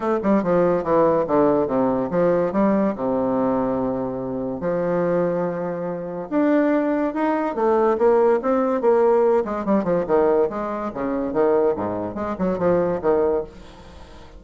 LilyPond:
\new Staff \with { instrumentName = "bassoon" } { \time 4/4 \tempo 4 = 143 a8 g8 f4 e4 d4 | c4 f4 g4 c4~ | c2. f4~ | f2. d'4~ |
d'4 dis'4 a4 ais4 | c'4 ais4. gis8 g8 f8 | dis4 gis4 cis4 dis4 | gis,4 gis8 fis8 f4 dis4 | }